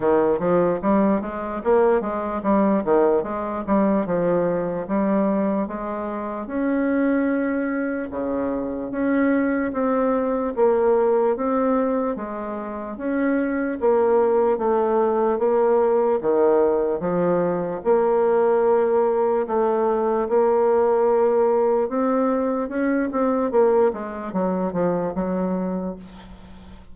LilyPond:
\new Staff \with { instrumentName = "bassoon" } { \time 4/4 \tempo 4 = 74 dis8 f8 g8 gis8 ais8 gis8 g8 dis8 | gis8 g8 f4 g4 gis4 | cis'2 cis4 cis'4 | c'4 ais4 c'4 gis4 |
cis'4 ais4 a4 ais4 | dis4 f4 ais2 | a4 ais2 c'4 | cis'8 c'8 ais8 gis8 fis8 f8 fis4 | }